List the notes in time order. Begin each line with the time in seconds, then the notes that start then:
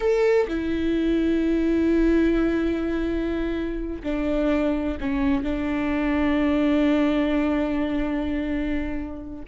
0.00 A4
0.48 E4
4.03 D4
5.00 C#4
5.43 D4